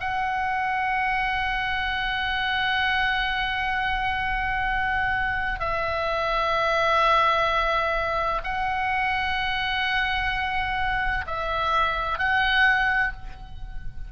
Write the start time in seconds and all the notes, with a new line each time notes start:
0.00 F#5
5.60 E5
8.43 F#5
11.26 E5
12.18 F#5